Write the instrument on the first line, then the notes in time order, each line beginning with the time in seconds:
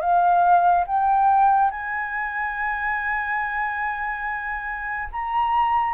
flute
0.00 F5
0.86 G5
1.70 G#5
5.11 A#5